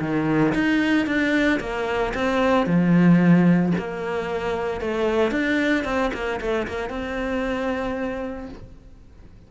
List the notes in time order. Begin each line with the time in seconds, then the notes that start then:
0.00 D#3
0.54 D#4
1.06 D4
1.60 A#3
2.14 C4
2.66 F3
3.78 A#3
4.81 A3
5.31 D4
5.84 C4
6.13 A#3
6.41 A3
6.67 A#3
6.89 C4